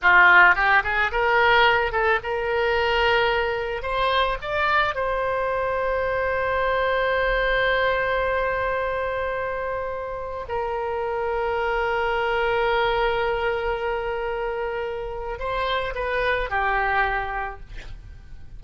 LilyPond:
\new Staff \with { instrumentName = "oboe" } { \time 4/4 \tempo 4 = 109 f'4 g'8 gis'8 ais'4. a'8 | ais'2. c''4 | d''4 c''2.~ | c''1~ |
c''2. ais'4~ | ais'1~ | ais'1 | c''4 b'4 g'2 | }